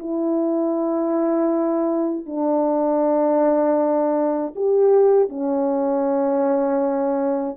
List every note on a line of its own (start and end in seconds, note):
0.00 2.26 E4
2.26 4.54 D4
4.56 5.30 G4
5.30 7.57 C#4